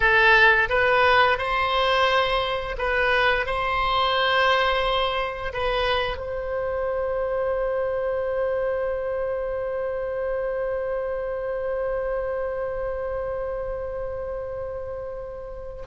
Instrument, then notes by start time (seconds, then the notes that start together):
oboe
0.00 A4
0.69 B4
1.38 C5
2.77 B4
3.45 C5
5.53 B4
6.17 C5